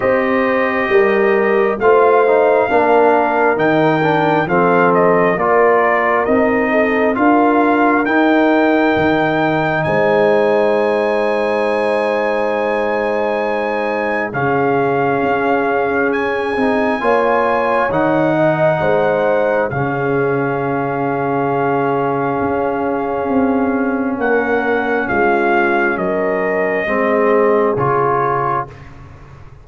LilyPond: <<
  \new Staff \with { instrumentName = "trumpet" } { \time 4/4 \tempo 4 = 67 dis''2 f''2 | g''4 f''8 dis''8 d''4 dis''4 | f''4 g''2 gis''4~ | gis''1 |
f''2 gis''2 | fis''2 f''2~ | f''2. fis''4 | f''4 dis''2 cis''4 | }
  \new Staff \with { instrumentName = "horn" } { \time 4/4 c''4 ais'4 c''4 ais'4~ | ais'4 a'4 ais'4. a'8 | ais'2. c''4~ | c''1 |
gis'2. cis''4~ | cis''8 dis''8 c''4 gis'2~ | gis'2. ais'4 | f'4 ais'4 gis'2 | }
  \new Staff \with { instrumentName = "trombone" } { \time 4/4 g'2 f'8 dis'8 d'4 | dis'8 d'8 c'4 f'4 dis'4 | f'4 dis'2.~ | dis'1 |
cis'2~ cis'8 dis'8 f'4 | dis'2 cis'2~ | cis'1~ | cis'2 c'4 f'4 | }
  \new Staff \with { instrumentName = "tuba" } { \time 4/4 c'4 g4 a4 ais4 | dis4 f4 ais4 c'4 | d'4 dis'4 dis4 gis4~ | gis1 |
cis4 cis'4. c'8 ais4 | dis4 gis4 cis2~ | cis4 cis'4 c'4 ais4 | gis4 fis4 gis4 cis4 | }
>>